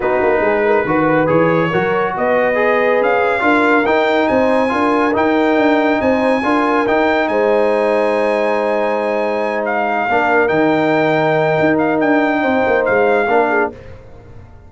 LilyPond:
<<
  \new Staff \with { instrumentName = "trumpet" } { \time 4/4 \tempo 4 = 140 b'2. cis''4~ | cis''4 dis''2 f''4~ | f''4 g''4 gis''2 | g''2 gis''2 |
g''4 gis''2.~ | gis''2~ gis''8 f''4.~ | f''8 g''2. f''8 | g''2 f''2 | }
  \new Staff \with { instrumentName = "horn" } { \time 4/4 fis'4 gis'8 ais'8 b'2 | ais'4 b'2. | ais'2 c''4 ais'4~ | ais'2 c''4 ais'4~ |
ais'4 c''2.~ | c''2.~ c''8 ais'8~ | ais'1~ | ais'4 c''2 ais'8 gis'8 | }
  \new Staff \with { instrumentName = "trombone" } { \time 4/4 dis'2 fis'4 gis'4 | fis'2 gis'2 | f'4 dis'2 f'4 | dis'2. f'4 |
dis'1~ | dis'2.~ dis'8 d'8~ | d'8 dis'2.~ dis'8~ | dis'2. d'4 | }
  \new Staff \with { instrumentName = "tuba" } { \time 4/4 b8 ais8 gis4 dis4 e4 | fis4 b2 cis'4 | d'4 dis'4 c'4 d'4 | dis'4 d'4 c'4 d'4 |
dis'4 gis2.~ | gis2.~ gis8 ais8~ | ais8 dis2~ dis8 dis'4 | d'4 c'8 ais8 gis4 ais4 | }
>>